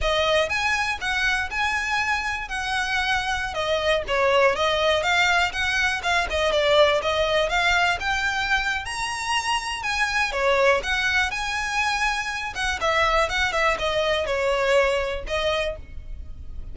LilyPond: \new Staff \with { instrumentName = "violin" } { \time 4/4 \tempo 4 = 122 dis''4 gis''4 fis''4 gis''4~ | gis''4 fis''2~ fis''16 dis''8.~ | dis''16 cis''4 dis''4 f''4 fis''8.~ | fis''16 f''8 dis''8 d''4 dis''4 f''8.~ |
f''16 g''4.~ g''16 ais''2 | gis''4 cis''4 fis''4 gis''4~ | gis''4. fis''8 e''4 fis''8 e''8 | dis''4 cis''2 dis''4 | }